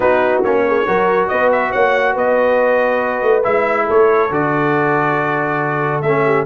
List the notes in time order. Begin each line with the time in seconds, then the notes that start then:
0.00 B3 D#4 F#4 B4
0.43 A#3 C#4 C#5
0.67 G#4
0.86 F#3 F#4 A#4
1.28 B3 B4 D#5
1.52 E5
1.71 A#3 C#5 F#5
2.13 B3 B4 D#5
3.22 A3
3.43 G#3 E4 E5
3.86 A3 A4 C#5
4.30 D3 F#4 D5
6.01 A3 C#4 E5
6.25 G4